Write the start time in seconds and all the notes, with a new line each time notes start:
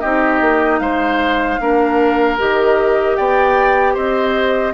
0.00 C4 D#4 G4 D#5
0.41 A#3
0.79 G#3 C5 F5
1.59 A#3 D4 A#4
2.38 D#3 G4 D#5
3.16 B3 D5 G5
3.94 C4 C5 D#5